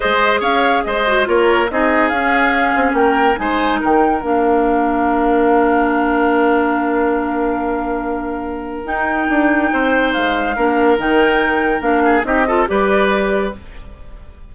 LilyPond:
<<
  \new Staff \with { instrumentName = "flute" } { \time 4/4 \tempo 4 = 142 dis''4 f''4 dis''4 cis''4 | dis''4 f''2 g''4 | gis''4 g''4 f''2~ | f''1~ |
f''1~ | f''4 g''2. | f''2 g''2 | f''4 dis''4 d''2 | }
  \new Staff \with { instrumentName = "oboe" } { \time 4/4 c''4 cis''4 c''4 ais'4 | gis'2. ais'4 | c''4 ais'2.~ | ais'1~ |
ais'1~ | ais'2. c''4~ | c''4 ais'2.~ | ais'8 gis'8 g'8 a'8 b'2 | }
  \new Staff \with { instrumentName = "clarinet" } { \time 4/4 gis'2~ gis'8 fis'8 f'4 | dis'4 cis'2. | dis'2 d'2~ | d'1~ |
d'1~ | d'4 dis'2.~ | dis'4 d'4 dis'2 | d'4 dis'8 f'8 g'2 | }
  \new Staff \with { instrumentName = "bassoon" } { \time 4/4 gis4 cis'4 gis4 ais4 | c'4 cis'4. c'8 ais4 | gis4 dis4 ais2~ | ais1~ |
ais1~ | ais4 dis'4 d'4 c'4 | gis4 ais4 dis2 | ais4 c'4 g2 | }
>>